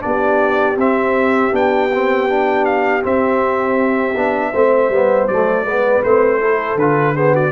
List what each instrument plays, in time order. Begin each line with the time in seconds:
0.00 tuba B3, trombone D4, horn G4, trumpet D5
0.76 tuba C4, trombone C4, trumpet E5
1.52 tuba B3, trombone D4, trumpet G5
1.94 trombone C4
2.28 trombone D4
2.65 trumpet F5
3.02 trombone C4, tuba C4, trumpet E5
4.15 tuba B3, trombone D4
4.52 tuba A3, trombone C4, horn C5
4.89 tuba G3, trombone B3
5.27 tuba F#3, trombone A3, trumpet D5
5.64 tuba G#3, trombone B3, horn B4
6.03 tuba A3, trombone C4, trumpet C5
6.40 trombone E4, horn A4
6.75 tuba D3, trombone F4, trumpet B4
7.15 trombone B3, horn G#4, trumpet C5
7.34 horn F#4, trumpet D5